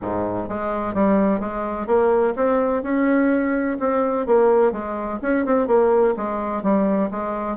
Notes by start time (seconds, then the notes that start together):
0.01 G#2
0.48 G#3
0.94 G3
1.40 G#3
1.86 A#3
2.36 C4
2.83 C#4
3.79 C4
4.26 A#3
4.72 G#3
5.22 C#4
5.45 C4
5.67 A#3
6.16 G#3
6.62 G3
7.11 G#3